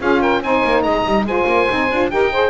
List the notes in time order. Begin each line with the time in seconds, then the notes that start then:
0.00 C#4 F4 G#4 F5
0.20 A#4 G5
0.42 C4 D#4 C5 G#5
0.64 A#3
0.82 G#3 D#5 A#5
1.06 G3
1.24 G#3 F4 C5 G#5
1.47 A#3
1.69 C4 D#4
1.90 D4 F4
2.10 D#4 G4 A#4 G5
2.31 G#4 C5